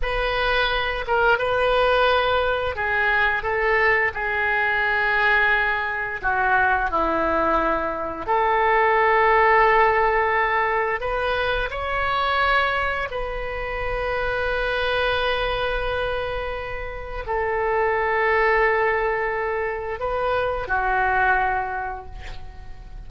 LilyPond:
\new Staff \with { instrumentName = "oboe" } { \time 4/4 \tempo 4 = 87 b'4. ais'8 b'2 | gis'4 a'4 gis'2~ | gis'4 fis'4 e'2 | a'1 |
b'4 cis''2 b'4~ | b'1~ | b'4 a'2.~ | a'4 b'4 fis'2 | }